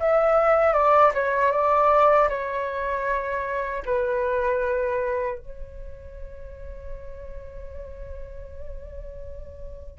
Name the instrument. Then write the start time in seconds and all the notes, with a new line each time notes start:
flute
0.00 E5
0.74 D5
1.14 C#5
1.52 D5
2.29 C#5
3.86 B4
5.38 C#5